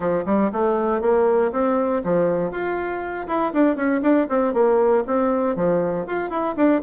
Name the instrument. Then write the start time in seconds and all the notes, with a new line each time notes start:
bassoon
0.00 F3
0.25 G3
0.52 A3
1.01 A#3
1.51 C4
2.04 F3
2.51 F4
3.27 E4
3.53 D4
3.76 C#4
4.02 D4
4.29 C4
4.53 A#3
5.06 C4
5.56 F3
6.06 F4
6.30 E4
6.56 D4